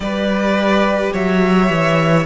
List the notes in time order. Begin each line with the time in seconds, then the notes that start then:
0.00 G3 G4 B4 D5
1.13 F#3 C#5 E5
1.69 E3